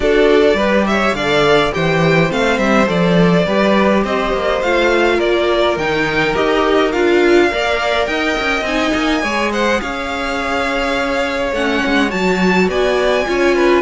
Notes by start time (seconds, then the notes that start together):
0.00 D4 F#4 A4 D5
0.54 G3 G4 B4
0.86 C#5 E5
1.13 D3 A4 D5 F5
1.72 E3 G4 C5 G5
2.29 A3 C4 F5
2.58 G3 E5
2.86 F3 A4 D5
3.46 G3 G4 B4
4.03 C4 C5 D#5
4.32 A#3
4.62 A3 F4 F5
5.15 A#3 A#4 D5
5.76 D#3 D#4 G5
6.34 D#4 G4 D#5
6.92 D4 F4 F5
7.50 A#3 A#4 D5
8.06 D#4 D#5 G5
8.39 C#4
8.61 C4 G#5
8.67 D#4
8.94 A#3
9.22 G#3 G#4 C#5
9.52 C5 F#5
9.80 C#4 C#5 F5
11.52 A3 C#4 F#5
11.85 G#3
12.09 F#3 F#4 A5
12.68 B3 D5 G#5
13.26 C#4 F4 C#5
13.55 B4